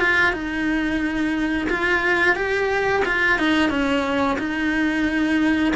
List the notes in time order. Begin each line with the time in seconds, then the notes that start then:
0.00 F4
0.32 D#4
1.69 F4
2.35 G4
3.05 F4
3.38 D#4
3.70 C#4
4.39 D#4